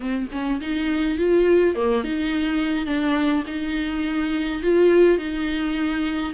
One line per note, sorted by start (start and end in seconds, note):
0.00 0.28 C4
0.31 0.60 C#4
0.61 1.17 D#4
1.17 1.75 F4
1.75 2.04 A#3
2.04 2.86 D#4
2.86 3.43 D4
3.46 4.62 D#4
4.62 5.17 F4
5.17 6.33 D#4